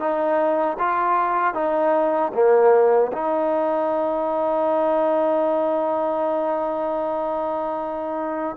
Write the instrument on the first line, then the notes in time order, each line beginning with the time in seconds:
trombone
0.00 D#4
0.79 F4
1.54 D#4
2.34 A#3
3.13 D#4